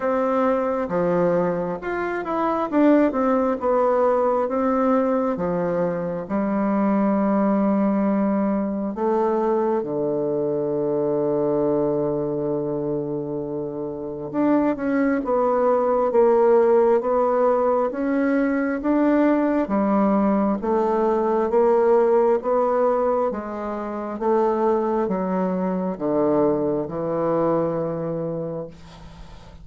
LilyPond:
\new Staff \with { instrumentName = "bassoon" } { \time 4/4 \tempo 4 = 67 c'4 f4 f'8 e'8 d'8 c'8 | b4 c'4 f4 g4~ | g2 a4 d4~ | d1 |
d'8 cis'8 b4 ais4 b4 | cis'4 d'4 g4 a4 | ais4 b4 gis4 a4 | fis4 d4 e2 | }